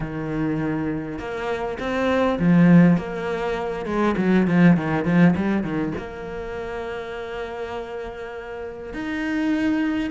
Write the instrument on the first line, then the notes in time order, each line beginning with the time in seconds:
cello
0.00 D#3
1.18 A#3
1.79 C4
2.39 F3
2.97 A#3
3.85 G#3
4.17 F#3
4.47 F3
4.76 D#3
5.04 F3
5.35 G3
5.63 D#3
5.97 A#3
8.93 D#4